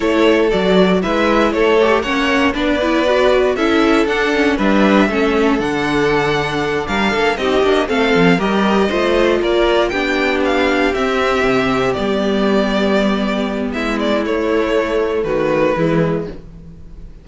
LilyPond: <<
  \new Staff \with { instrumentName = "violin" } { \time 4/4 \tempo 4 = 118 cis''4 d''4 e''4 cis''4 | fis''4 d''2 e''4 | fis''4 e''2 fis''4~ | fis''4. f''4 dis''4 f''8~ |
f''8 dis''2 d''4 g''8~ | g''8 f''4 e''2 d''8~ | d''2. e''8 d''8 | cis''2 b'2 | }
  \new Staff \with { instrumentName = "violin" } { \time 4/4 a'2 b'4 a'4 | cis''4 b'2 a'4~ | a'4 b'4 a'2~ | a'4. ais'8 a'8 g'4 a'8~ |
a'8 ais'4 c''4 ais'4 g'8~ | g'1~ | g'2. e'4~ | e'2 fis'4 e'4 | }
  \new Staff \with { instrumentName = "viola" } { \time 4/4 e'4 fis'4 e'4. g'8 | cis'4 d'8 e'8 fis'4 e'4 | d'8 cis'8 d'4 cis'4 d'4~ | d'2~ d'8 dis'8 d'8 c'8~ |
c'8 g'4 f'2 d'8~ | d'4. c'2 b8~ | b1 | a2. gis4 | }
  \new Staff \with { instrumentName = "cello" } { \time 4/4 a4 fis4 gis4 a4 | ais4 b2 cis'4 | d'4 g4 a4 d4~ | d4. g8 ais8 c'8 ais8 a8 |
f8 g4 a4 ais4 b8~ | b4. c'4 c4 g8~ | g2. gis4 | a2 dis4 e4 | }
>>